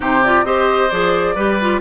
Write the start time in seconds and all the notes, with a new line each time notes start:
0.00 C3 D#4 G4 C5
0.24 F4 D5
0.43 C4 G4 C5 D#5
0.90 F3 G#4 D5
1.35 G3 G4 B4
1.60 F4